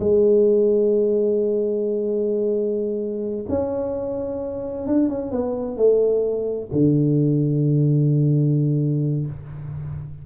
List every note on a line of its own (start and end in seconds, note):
0.00 3.46 G#3
3.49 4.87 C#4
4.87 5.09 D4
5.09 5.32 C#4
5.32 5.78 B3
5.78 6.70 A3
6.73 9.26 D3